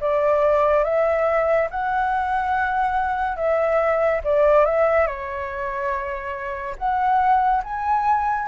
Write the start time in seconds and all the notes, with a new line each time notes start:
0.00 D5
0.84 E5
1.70 F#5
3.36 E5
4.24 D5
4.65 E5
5.07 C#5
6.78 F#5
7.63 G#5